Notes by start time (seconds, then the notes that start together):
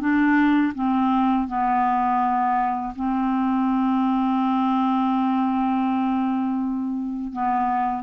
0.00 D4
0.75 C4
1.48 B3
2.95 C4
7.32 B3